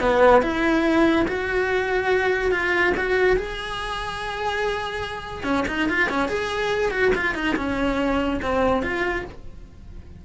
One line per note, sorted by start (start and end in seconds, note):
0.00 0.42 B3
0.42 1.25 E4
1.27 2.51 F#4
2.51 2.93 F4
2.96 3.36 F#4
3.36 5.43 G#4
5.43 5.64 C#4
5.68 5.89 D#4
5.89 6.09 F4
6.09 6.28 C#4
6.28 6.91 G#4
6.91 7.12 F#4
7.15 7.34 F4
7.34 7.55 D#4
7.56 8.40 C#4
8.42 8.82 C4
8.82 9.24 F4